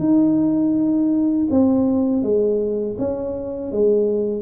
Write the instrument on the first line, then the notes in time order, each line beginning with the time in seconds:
tuba
0.00 D#4
1.51 C4
2.23 G#3
2.99 C#4
3.72 G#3